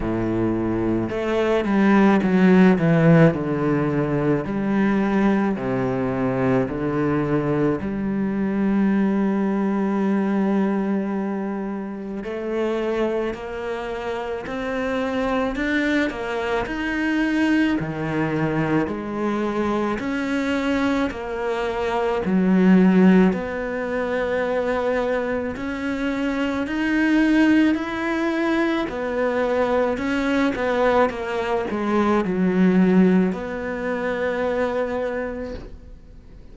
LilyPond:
\new Staff \with { instrumentName = "cello" } { \time 4/4 \tempo 4 = 54 a,4 a8 g8 fis8 e8 d4 | g4 c4 d4 g4~ | g2. a4 | ais4 c'4 d'8 ais8 dis'4 |
dis4 gis4 cis'4 ais4 | fis4 b2 cis'4 | dis'4 e'4 b4 cis'8 b8 | ais8 gis8 fis4 b2 | }